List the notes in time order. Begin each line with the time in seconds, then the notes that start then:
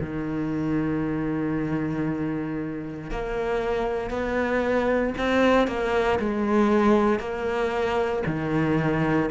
0.00 D#3
3.11 A#3
4.10 B3
5.18 C4
5.68 A#3
6.20 G#3
7.19 A#3
8.27 D#3